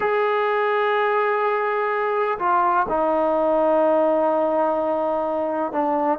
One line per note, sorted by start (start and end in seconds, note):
0.00 2.38 G#4
2.38 2.86 F4
2.88 5.72 D#4
5.72 6.19 D4